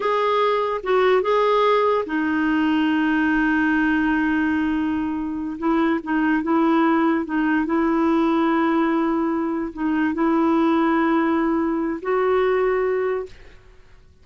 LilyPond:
\new Staff \with { instrumentName = "clarinet" } { \time 4/4 \tempo 4 = 145 gis'2 fis'4 gis'4~ | gis'4 dis'2.~ | dis'1~ | dis'4. e'4 dis'4 e'8~ |
e'4. dis'4 e'4.~ | e'2.~ e'8 dis'8~ | dis'8 e'2.~ e'8~ | e'4 fis'2. | }